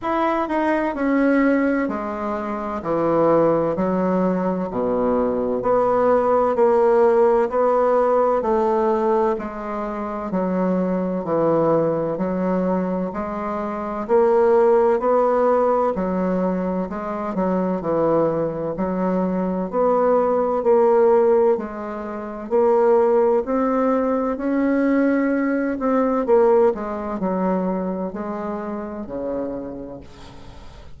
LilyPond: \new Staff \with { instrumentName = "bassoon" } { \time 4/4 \tempo 4 = 64 e'8 dis'8 cis'4 gis4 e4 | fis4 b,4 b4 ais4 | b4 a4 gis4 fis4 | e4 fis4 gis4 ais4 |
b4 fis4 gis8 fis8 e4 | fis4 b4 ais4 gis4 | ais4 c'4 cis'4. c'8 | ais8 gis8 fis4 gis4 cis4 | }